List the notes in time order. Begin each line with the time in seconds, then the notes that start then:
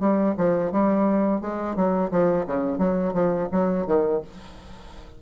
0.00 G3
0.37 F3
0.72 G3
1.41 G#3
1.76 F#3
2.11 F3
2.47 C#3
2.79 F#3
3.14 F3
3.52 F#3
3.87 D#3